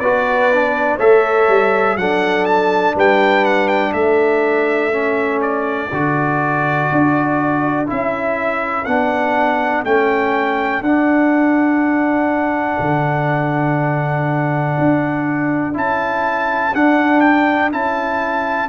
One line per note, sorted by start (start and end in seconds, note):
0.00 0.99 B3
0.00 0.53 F#4
0.00 0.97 B4
0.00 0.98 D5
0.53 1.00 D4
0.97 1.49 A3
0.97 1.98 A4
0.97 1.95 C#5
0.97 1.98 E5
1.49 1.97 G3
1.97 2.95 F#3
1.97 4.93 D4
1.97 2.96 A4
1.97 2.46 F#5
2.46 2.95 A5
2.96 3.94 G3
2.96 3.94 B4
2.96 3.45 G5
3.45 3.68 F#5
3.68 3.93 G5
3.93 5.91 A3
3.93 18.69 A4
3.93 5.41 E5
4.93 5.91 C#4
5.42 7.88 D5
5.93 6.91 D3
5.93 7.87 F#4
6.92 7.90 D4
7.87 8.87 C#4
7.87 8.85 E4
7.87 8.85 E5
8.85 9.85 B3
8.85 9.85 D4
8.85 9.84 F#5
9.85 10.81 A3
9.85 10.84 C#4
9.85 10.83 G5
10.81 12.78 D4
10.81 15.74 D4
10.81 15.75 F#5
12.80 14.77 D3
14.79 15.76 D4
15.74 16.75 C#4
15.74 16.73 E4
15.74 16.75 A5
16.75 17.73 D4
16.75 17.72 D4
16.75 17.21 F#5
17.21 17.70 G5
17.72 18.69 C#4
17.72 18.69 E4
17.72 18.69 A5